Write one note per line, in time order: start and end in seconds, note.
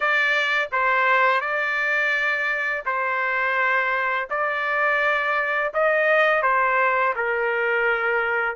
0.00 0.69 D5
0.72 1.40 C5
1.40 2.83 D5
2.85 4.28 C5
4.30 5.72 D5
5.73 6.42 D#5
6.42 7.14 C5
7.15 8.56 A#4